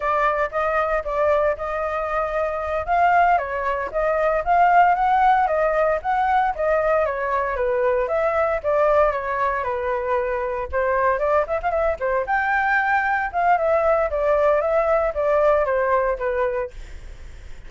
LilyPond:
\new Staff \with { instrumentName = "flute" } { \time 4/4 \tempo 4 = 115 d''4 dis''4 d''4 dis''4~ | dis''4. f''4 cis''4 dis''8~ | dis''8 f''4 fis''4 dis''4 fis''8~ | fis''8 dis''4 cis''4 b'4 e''8~ |
e''8 d''4 cis''4 b'4.~ | b'8 c''4 d''8 e''16 f''16 e''8 c''8 g''8~ | g''4. f''8 e''4 d''4 | e''4 d''4 c''4 b'4 | }